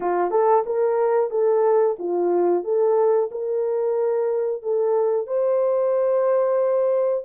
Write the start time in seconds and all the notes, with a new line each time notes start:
0.00 F4
0.31 A4
0.66 A#4
1.30 A4
1.98 F4
2.63 A4
3.31 A#4
4.62 A4
5.26 C5